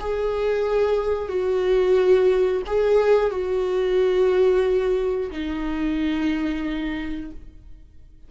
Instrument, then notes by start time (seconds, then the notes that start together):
viola
0.00 G#4
1.29 F#4
2.67 G#4
3.31 F#4
5.32 D#4